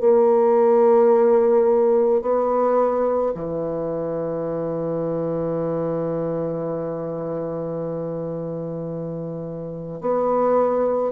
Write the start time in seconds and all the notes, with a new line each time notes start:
0.00 A#3
2.22 B3
3.34 E3
10.01 B3